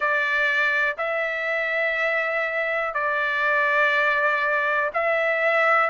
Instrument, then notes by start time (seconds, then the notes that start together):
trumpet
0.00 D5
0.97 E5
2.94 D5
4.93 E5